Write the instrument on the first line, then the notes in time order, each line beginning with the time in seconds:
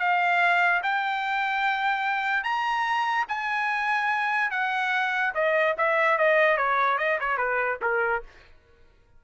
trumpet
0.00 F5
0.83 G5
2.44 A#5
3.29 G#5
4.51 F#5
5.35 D#5
5.78 E5
6.18 D#5
6.58 C#5
6.99 D#5
7.20 C#5
7.38 B4
7.82 A#4